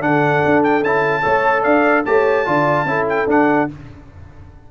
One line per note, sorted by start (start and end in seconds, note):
0.00 0.41 D3
0.00 0.82 D4
0.00 1.23 A4
0.00 0.64 F#5
0.46 0.83 D4
0.64 0.84 G5
0.83 1.24 C#4
0.83 1.23 E4
0.83 1.64 A5
1.23 1.65 A3
1.23 2.04 A4
1.23 1.62 C#5
1.62 2.06 D4
1.62 2.03 D5
1.62 2.05 F5
2.06 2.48 A3
2.06 2.46 G4
2.06 2.47 C#5
2.06 3.08 A5
2.46 2.85 D3
2.46 2.87 F4
2.46 2.88 D5
2.85 3.26 C#4
2.85 3.28 E4
2.85 3.71 A4
3.09 3.30 G5
3.27 3.68 D4
3.27 3.69 D4
3.27 3.71 F#5